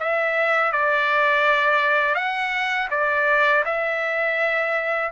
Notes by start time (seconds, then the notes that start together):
0.00 E5
0.73 D5
2.16 F#5
2.91 D5
3.65 E5